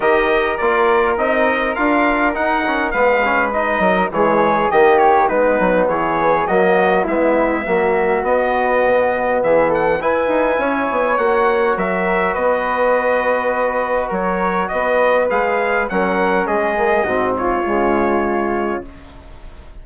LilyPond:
<<
  \new Staff \with { instrumentName = "trumpet" } { \time 4/4 \tempo 4 = 102 dis''4 d''4 dis''4 f''4 | fis''4 f''4 dis''4 cis''4 | dis''8 cis''8 b'4 cis''4 dis''4 | e''2 dis''2 |
e''8 fis''8 gis''2 fis''4 | e''4 dis''2. | cis''4 dis''4 f''4 fis''4 | dis''4. cis''2~ cis''8 | }
  \new Staff \with { instrumentName = "flute" } { \time 4/4 ais'1~ | ais'4 b'4. ais'8 gis'4 | g'4 dis'4 gis'4 fis'4 | e'4 fis'2. |
gis'8 a'8 b'4 cis''2 | ais'4 b'2. | ais'4 b'2 ais'4 | gis'4 fis'8 f'2~ f'8 | }
  \new Staff \with { instrumentName = "trombone" } { \time 4/4 g'4 f'4 dis'4 f'4 | dis'8 cis'8 b8 cis'8 dis'4 gis4 | ais4 b2 ais4 | b4 fis4 b2~ |
b4 e'2 fis'4~ | fis'1~ | fis'2 gis'4 cis'4~ | cis'8 ais8 c'4 gis2 | }
  \new Staff \with { instrumentName = "bassoon" } { \time 4/4 dis4 ais4 c'4 d'4 | dis'4 gis4. fis8 e4 | dis4 gis8 fis8 e4 fis4 | gis4 ais4 b4 b,4 |
e4 e'8 dis'8 cis'8 b8 ais4 | fis4 b2. | fis4 b4 gis4 fis4 | gis4 gis,4 cis2 | }
>>